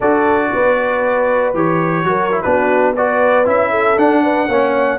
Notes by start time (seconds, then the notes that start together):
0.00 D4 F#4 A4 D5
0.53 B3 B4
1.53 E3 G4 C#5
2.04 F#3 F#4 A#4
2.31 E4
2.41 B3 D4 F#4 B4
2.96 F#4 B4 D5
3.45 C#4 E4 E5
3.70 A4
3.97 D4 F#5
4.23 B4
4.47 A#3 C#4 C#5